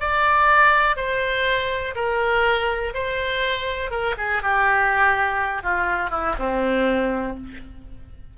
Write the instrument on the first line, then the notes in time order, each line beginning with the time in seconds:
oboe
0.00 D5
0.97 C5
1.95 A#4
2.94 C5
3.91 A#4
4.18 G#4
4.43 G4
5.63 F4
6.11 E4
6.39 C4